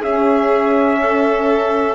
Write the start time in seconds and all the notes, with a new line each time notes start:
0.00 C#4 G#4 E5
1.02 A4